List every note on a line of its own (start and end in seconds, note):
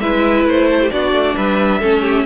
0.00 0.45 G#3
0.00 0.91 E4
0.00 0.69 B4
0.00 0.45 E5
0.45 0.90 A3
0.45 0.91 C5
0.69 0.80 A4
0.81 0.92 G4
0.91 1.12 B3
0.91 1.81 D4
0.91 1.37 F#4
0.91 1.36 D5
1.12 1.35 A3
1.37 1.82 G3
1.37 1.79 B4
1.37 2.26 E5
1.79 2.26 A3
1.79 2.26 C#4
1.79 2.01 A4
2.01 2.24 G4